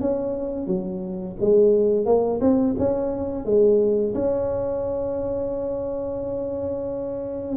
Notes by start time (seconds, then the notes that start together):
0.00 C#4
0.66 F#3
1.40 G#3
2.05 A#3
2.40 C4
2.78 C#4
3.45 G#3
4.14 C#4